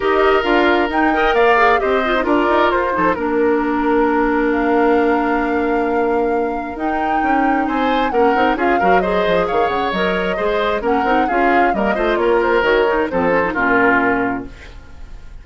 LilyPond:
<<
  \new Staff \with { instrumentName = "flute" } { \time 4/4 \tempo 4 = 133 dis''4 f''4 g''4 f''4 | dis''4 d''4 c''4 ais'4~ | ais'2 f''2~ | f''2. g''4~ |
g''4 gis''4 fis''4 f''4 | dis''4 f''8 fis''8 dis''2 | fis''4 f''4 dis''4 cis''8 c''8 | cis''4 c''4 ais'2 | }
  \new Staff \with { instrumentName = "oboe" } { \time 4/4 ais'2~ ais'8 dis''8 d''4 | c''4 ais'4. a'8 ais'4~ | ais'1~ | ais'1~ |
ais'4 c''4 ais'4 gis'8 ais'8 | c''4 cis''2 c''4 | ais'4 gis'4 ais'8 c''8 ais'4~ | ais'4 a'4 f'2 | }
  \new Staff \with { instrumentName = "clarinet" } { \time 4/4 g'4 f'4 dis'8 ais'4 gis'8 | g'8 f'16 dis'16 f'4. dis'8 d'4~ | d'1~ | d'2. dis'4~ |
dis'2 cis'8 dis'8 f'8 fis'8 | gis'2 ais'4 gis'4 | cis'8 dis'8 f'4 ais8 f'4. | fis'8 dis'8 c'8 cis'16 dis'16 cis'2 | }
  \new Staff \with { instrumentName = "bassoon" } { \time 4/4 dis'4 d'4 dis'4 ais4 | c'4 d'8 dis'8 f'8 f8 ais4~ | ais1~ | ais2. dis'4 |
cis'4 c'4 ais8 c'8 cis'8 fis8~ | fis8 f8 dis8 cis8 fis4 gis4 | ais8 c'8 cis'4 g8 a8 ais4 | dis4 f4 ais,2 | }
>>